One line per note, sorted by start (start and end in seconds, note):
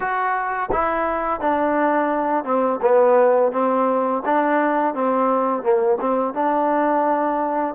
0.00 0.69 F#4
0.72 1.40 E4
1.40 2.44 D4
2.44 2.79 C4
2.82 3.52 B3
3.52 4.22 C4
4.25 4.94 D4
4.94 5.62 C4
5.62 5.98 A#3
6.00 6.34 C4
6.34 7.75 D4